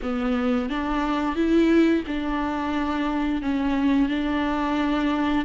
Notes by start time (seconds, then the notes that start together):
0.02 B3
0.69 D4
1.35 E4
2.07 D4
3.42 C#4
4.08 D4